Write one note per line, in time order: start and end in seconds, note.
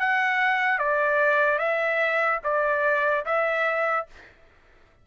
0.00 0.79 F#5
0.79 1.59 D5
1.59 2.40 E5
2.44 3.25 D5
3.26 4.07 E5